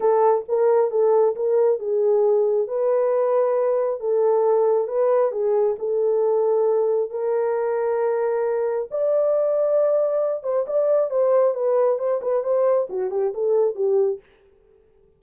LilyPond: \new Staff \with { instrumentName = "horn" } { \time 4/4 \tempo 4 = 135 a'4 ais'4 a'4 ais'4 | gis'2 b'2~ | b'4 a'2 b'4 | gis'4 a'2. |
ais'1 | d''2.~ d''8 c''8 | d''4 c''4 b'4 c''8 b'8 | c''4 fis'8 g'8 a'4 g'4 | }